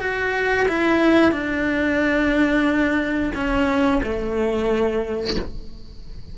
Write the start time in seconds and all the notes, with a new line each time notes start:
0.00 F#4
0.68 E4
1.32 D4
3.35 C#4
4.03 A3